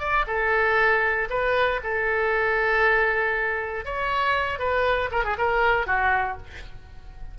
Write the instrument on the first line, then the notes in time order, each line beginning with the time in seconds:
oboe
0.00 D5
0.28 A4
1.30 B4
1.84 A4
3.85 C#5
4.59 B4
5.12 A#4
5.25 G#4
5.39 A#4
5.87 F#4